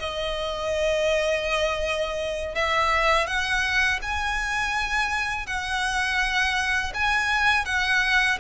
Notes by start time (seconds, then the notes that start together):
0.00 D#5
2.55 E5
3.27 F#5
4.02 G#5
5.46 F#5
6.94 G#5
7.65 F#5